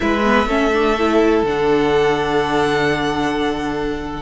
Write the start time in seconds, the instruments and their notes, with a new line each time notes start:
0.00 cello G#3, viola E4, violin B4 E5
0.24 viola B3
0.45 cello A3, viola C#4, violin A4
0.72 viola D4
0.98 viola E4
1.43 cello D3, viola D4, violin F#5